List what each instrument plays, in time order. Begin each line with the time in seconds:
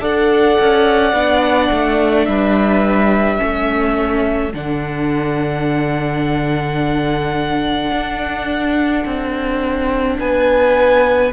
0.00 cello D4, viola A4, violin D5 F#5
0.60 cello C#4
1.12 cello B3, viola D4
1.70 cello A3
2.25 cello G3, violin B4 E5
3.37 cello A3, viola C#4, violin A4
4.54 cello D3, viola D4, violin F#5
7.91 cello D4
9.04 cello C4
10.19 cello B3, violin B4 G#5